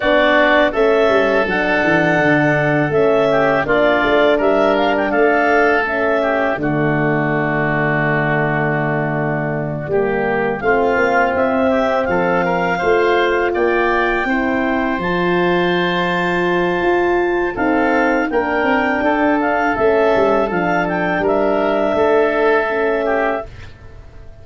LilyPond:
<<
  \new Staff \with { instrumentName = "clarinet" } { \time 4/4 \tempo 4 = 82 d''4 e''4 fis''2 | e''4 d''4 e''8 f''16 g''16 f''4 | e''4 d''2.~ | d''2~ d''8 f''4 e''8~ |
e''8 f''2 g''4.~ | g''8 a''2.~ a''8 | f''4 g''4. f''8 e''4 | f''8 g''8 e''2. | }
  \new Staff \with { instrumentName = "oboe" } { \time 4/4 fis'4 a'2.~ | a'8 g'8 f'4 ais'4 a'4~ | a'8 g'8 fis'2.~ | fis'4. g'4 f'4. |
g'8 a'8 ais'8 c''4 d''4 c''8~ | c''1 | a'4 ais'4 a'2~ | a'4 ais'4 a'4. g'8 | }
  \new Staff \with { instrumentName = "horn" } { \time 4/4 d'4 cis'4 d'2 | cis'4 d'2. | cis'4 a2.~ | a4. ais4 c'4.~ |
c'4. f'2 e'8~ | e'8 f'2.~ f'8 | c'4 d'2 cis'4 | d'2. cis'4 | }
  \new Staff \with { instrumentName = "tuba" } { \time 4/4 b4 a8 g8 fis8 e8 d4 | a4 ais8 a8 g4 a4~ | a4 d2.~ | d4. g4 a8 ais8 c'8~ |
c'8 f4 a4 ais4 c'8~ | c'8 f2~ f8 f'4 | dis'4 ais8 c'8 d'4 a8 g8 | f4 g4 a2 | }
>>